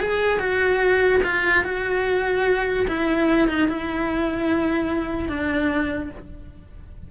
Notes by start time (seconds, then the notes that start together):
0.00 G#4
0.39 F#4
1.23 F4
1.64 F#4
2.88 E4
3.48 D#4
3.68 E4
5.29 D4